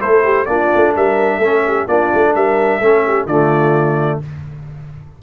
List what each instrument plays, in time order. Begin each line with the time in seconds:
0.00 tuba A3, trombone E4, horn A4, trumpet C5
0.25 horn G4
0.46 tuba A#3, trombone D4, horn F4, trumpet D5
0.75 tuba A3
0.96 tuba G3, horn A#4, trumpet E5
1.39 tuba A3, trombone C#4, horn A4
1.67 horn G4
1.88 tuba A#3, trombone D4, horn F4, trumpet D5
2.14 tuba A3
2.36 tuba G3, horn A#4, trumpet E5
2.80 tuba A3, trombone C#4, horn A4
3.06 horn G4
3.27 tuba D3, trombone A3, horn F4, trumpet D5